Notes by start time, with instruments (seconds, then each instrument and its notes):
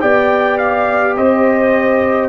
0.00 tuba B3, trombone G4, horn D5, trumpet G5
0.58 trumpet F5
1.17 tuba C4, horn C5, trumpet D#5